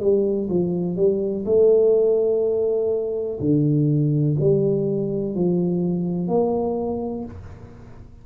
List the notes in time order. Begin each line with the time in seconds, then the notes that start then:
0.00 G3
0.49 F3
0.96 G3
1.46 A3
3.40 D3
4.40 G3
5.35 F3
6.28 A#3